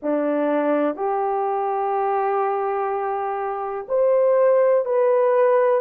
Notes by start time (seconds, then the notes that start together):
0.02 D4
0.96 G4
3.88 C5
4.85 B4